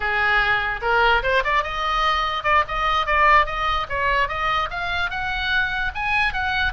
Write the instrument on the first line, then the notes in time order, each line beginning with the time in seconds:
oboe
0.00 G#4
0.81 A#4
1.22 C5
1.44 D5
1.63 D#5
2.43 D5
2.68 D#5
3.06 D5
3.46 D#5
3.89 C#5
4.28 D#5
4.70 F5
5.10 F#5
5.94 G#5
6.33 F#5